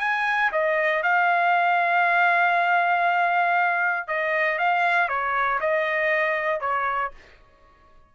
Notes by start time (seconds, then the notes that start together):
0.00 G#5
0.52 D#5
1.03 F5
4.07 D#5
4.58 F5
5.08 C#5
5.60 D#5
6.61 C#5